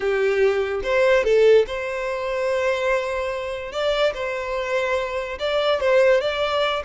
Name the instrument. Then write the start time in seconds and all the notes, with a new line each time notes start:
violin
0.00 G4
0.83 C5
1.24 A4
1.66 C5
3.71 D5
4.14 C5
5.39 D5
5.80 C5
6.21 D5